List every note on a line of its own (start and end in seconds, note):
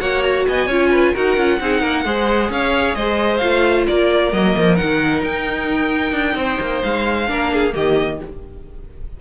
0.00 0.46 A#3
0.00 0.69 F#4
0.00 0.46 C#5
0.00 0.23 F#5
0.23 0.46 A#5
0.48 0.67 B3
0.48 0.66 D#5
0.48 1.15 G#5
0.66 1.12 C#4
0.66 1.15 F4
0.66 0.89 C#5
0.91 1.12 B4
1.12 1.36 D#4
1.12 1.37 F#4
1.12 1.58 A#4
1.12 2.51 F#5
1.36 1.59 C#4
1.36 1.60 F4
1.60 1.82 C4
1.60 2.06 D#4
1.60 1.81 G#4
1.81 2.05 A#3
1.81 2.03 A#4
2.05 2.50 G#3
2.05 3.41 G#4
2.05 2.51 C5
2.50 2.95 C#4
2.50 2.96 C#5
2.50 2.95 F5
2.95 3.41 G#3
2.95 3.87 C5
2.95 3.37 D#5
3.37 3.87 A3
3.37 4.32 F4
3.37 3.83 F5
3.87 4.32 A#3
3.87 6.38 A#4
3.87 4.32 D5
4.32 4.55 F#3
4.32 4.76 A#3
4.32 4.75 D#5
4.58 4.81 F3
4.75 7.26 D#4
4.75 5.21 F#5
4.82 5.23 D#3
5.23 6.12 D#4
5.23 6.83 G5
6.12 6.35 D4
6.35 6.57 C4
6.35 7.29 C5
6.60 6.83 A#3
6.83 7.28 G#3
6.83 7.73 F5
7.27 7.74 A#3
7.27 7.71 D4
7.27 7.52 A#4
7.53 7.75 G#4
7.71 8.21 D#3
7.71 8.17 A#3
7.71 8.20 G4
7.71 8.20 D#5